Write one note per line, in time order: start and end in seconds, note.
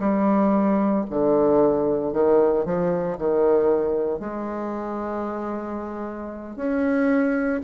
0.00 1.05 G3
1.10 2.13 D3
2.13 2.66 D#3
2.66 3.18 F3
3.18 4.20 D#3
4.20 6.56 G#3
6.56 7.62 C#4